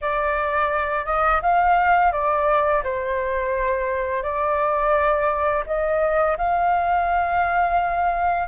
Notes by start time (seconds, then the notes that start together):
0.01 D5
1.05 D#5
1.42 F5
2.12 D5
2.83 C5
4.22 D5
5.66 D#5
6.37 F5